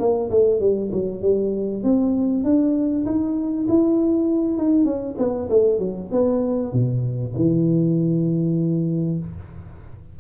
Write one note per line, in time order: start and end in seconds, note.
0.00 0.31 A#3
0.31 0.61 A3
0.61 0.91 G3
0.92 1.22 F#3
1.22 1.83 G3
1.84 2.45 C4
2.45 3.06 D4
3.06 3.67 D#4
3.69 4.58 E4
4.58 4.85 D#4
4.85 5.16 C#4
5.18 5.49 B3
5.50 5.79 A3
5.79 6.10 F#3
6.12 6.73 B3
6.73 7.34 B2
7.36 9.20 E3